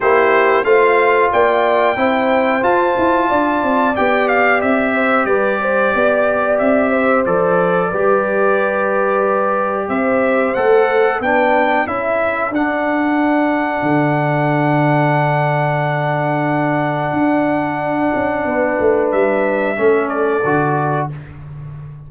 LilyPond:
<<
  \new Staff \with { instrumentName = "trumpet" } { \time 4/4 \tempo 4 = 91 c''4 f''4 g''2 | a''2 g''8 f''8 e''4 | d''2 e''4 d''4~ | d''2. e''4 |
fis''4 g''4 e''4 fis''4~ | fis''1~ | fis''1~ | fis''4 e''4. d''4. | }
  \new Staff \with { instrumentName = "horn" } { \time 4/4 g'4 c''4 d''4 c''4~ | c''4 d''2~ d''8 c''8 | b'8 c''8 d''4. c''4. | b'2. c''4~ |
c''4 b'4 a'2~ | a'1~ | a'1 | b'2 a'2 | }
  \new Staff \with { instrumentName = "trombone" } { \time 4/4 e'4 f'2 e'4 | f'2 g'2~ | g'2. a'4 | g'1 |
a'4 d'4 e'4 d'4~ | d'1~ | d'1~ | d'2 cis'4 fis'4 | }
  \new Staff \with { instrumentName = "tuba" } { \time 4/4 ais4 a4 ais4 c'4 | f'8 e'8 d'8 c'8 b4 c'4 | g4 b4 c'4 f4 | g2. c'4 |
a4 b4 cis'4 d'4~ | d'4 d2.~ | d2 d'4. cis'8 | b8 a8 g4 a4 d4 | }
>>